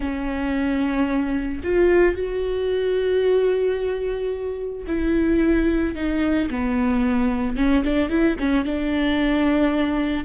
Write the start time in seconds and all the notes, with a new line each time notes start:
0.00 C#4
1.63 F4
2.15 F#4
4.87 E4
5.95 D#4
6.50 B3
7.56 C#4
7.84 D4
8.09 E4
8.39 C#4
8.64 D4